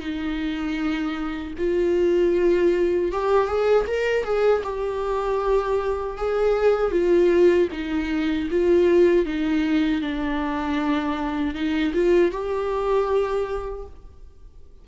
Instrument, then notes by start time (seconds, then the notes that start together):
viola
0.00 D#4
1.58 F4
3.12 G4
3.47 G#4
3.87 A#4
4.24 G#4
4.64 G4
6.17 G#4
6.92 F4
7.72 D#4
8.51 F4
9.26 D#4
10.01 D4
11.55 D#4
11.94 F4
12.31 G4